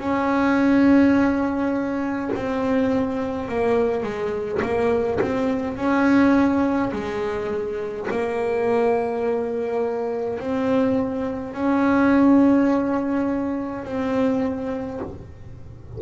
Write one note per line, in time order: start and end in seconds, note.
0.00 2.31 C#4
2.35 3.49 C4
3.49 4.03 A#3
4.03 4.61 G#3
4.63 5.20 A#3
5.21 5.77 C4
5.77 6.92 C#4
6.93 8.08 G#3
8.11 10.40 A#3
10.40 11.54 C4
11.54 13.85 C#4
13.85 15.01 C4